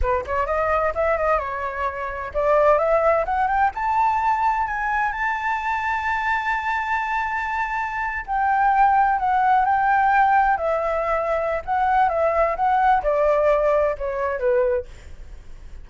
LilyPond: \new Staff \with { instrumentName = "flute" } { \time 4/4 \tempo 4 = 129 b'8 cis''8 dis''4 e''8 dis''8 cis''4~ | cis''4 d''4 e''4 fis''8 g''8 | a''2 gis''4 a''4~ | a''1~ |
a''4.~ a''16 g''2 fis''16~ | fis''8. g''2 e''4~ e''16~ | e''4 fis''4 e''4 fis''4 | d''2 cis''4 b'4 | }